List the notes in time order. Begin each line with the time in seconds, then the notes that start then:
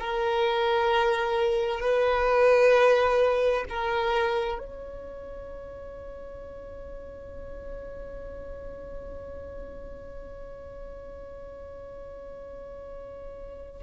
0.00 A#4
1.80 B4
3.70 A#4
4.59 C#5